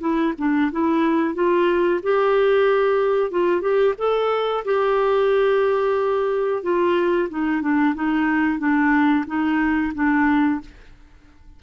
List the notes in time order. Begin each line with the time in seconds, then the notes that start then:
0.00 E4
0.38 D4
0.71 E4
1.34 F4
2.03 G4
3.31 F4
3.61 G4
3.98 A4
4.65 G4
6.63 F4
7.29 D#4
7.62 D4
7.95 D#4
8.59 D4
9.27 D#4
9.94 D4